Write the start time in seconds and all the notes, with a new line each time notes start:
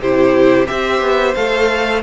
0.00 C3 E4 G4 C5
0.67 C4 G4 C5 E5
1.01 B3
1.35 A3 A4 F5